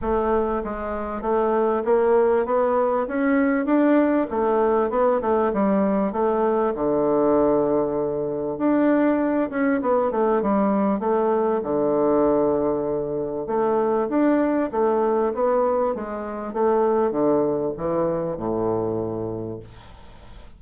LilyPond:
\new Staff \with { instrumentName = "bassoon" } { \time 4/4 \tempo 4 = 98 a4 gis4 a4 ais4 | b4 cis'4 d'4 a4 | b8 a8 g4 a4 d4~ | d2 d'4. cis'8 |
b8 a8 g4 a4 d4~ | d2 a4 d'4 | a4 b4 gis4 a4 | d4 e4 a,2 | }